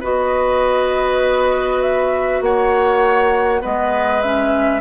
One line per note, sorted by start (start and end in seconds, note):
0.00 2.41 B3
0.00 3.61 F#4
0.00 2.40 B4
0.00 1.81 D#5
1.81 2.42 E5
2.41 3.61 A#3
2.41 3.61 C#5
2.41 3.63 F#5
3.61 4.81 G#3
3.61 4.21 B3
3.61 4.81 B4
3.61 4.21 D#5
4.21 4.81 C#4
4.21 4.81 E5